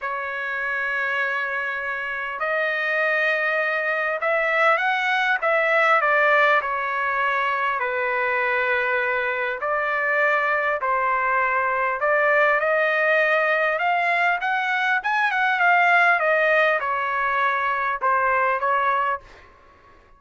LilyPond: \new Staff \with { instrumentName = "trumpet" } { \time 4/4 \tempo 4 = 100 cis''1 | dis''2. e''4 | fis''4 e''4 d''4 cis''4~ | cis''4 b'2. |
d''2 c''2 | d''4 dis''2 f''4 | fis''4 gis''8 fis''8 f''4 dis''4 | cis''2 c''4 cis''4 | }